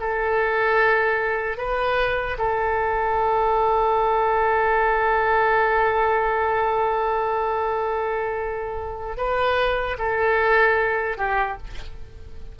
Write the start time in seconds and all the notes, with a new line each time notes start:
0.00 A4
1.58 B4
2.39 A4
9.17 B4
9.99 A4
11.18 G4